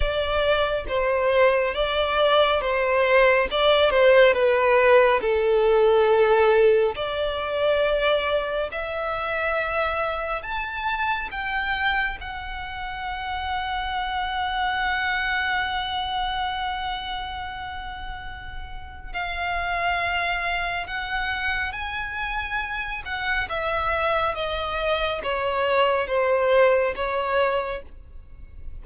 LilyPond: \new Staff \with { instrumentName = "violin" } { \time 4/4 \tempo 4 = 69 d''4 c''4 d''4 c''4 | d''8 c''8 b'4 a'2 | d''2 e''2 | a''4 g''4 fis''2~ |
fis''1~ | fis''2 f''2 | fis''4 gis''4. fis''8 e''4 | dis''4 cis''4 c''4 cis''4 | }